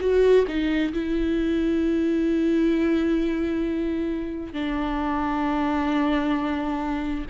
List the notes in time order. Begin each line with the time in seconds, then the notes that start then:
0.00 F#4
0.47 D#4
0.93 E4
4.53 D4